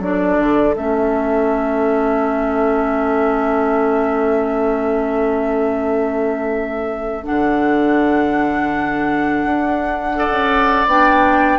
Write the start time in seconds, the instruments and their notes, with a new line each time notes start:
0.00 bassoon F#3, clarinet D4, oboe A4, flute D5
0.40 bassoon D3
0.76 bassoon A3, clarinet C#4, flute E5
7.24 bassoon D3, clarinet D4, flute F#5
9.45 bassoon D4
10.15 clarinet A4, oboe D5
10.31 bassoon C#4
10.86 bassoon B3, clarinet D4, flute G5